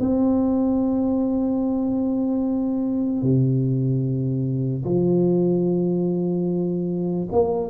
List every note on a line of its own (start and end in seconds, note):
0.00 3.22 C4
3.22 4.84 C3
4.84 7.28 F3
7.32 7.70 A#3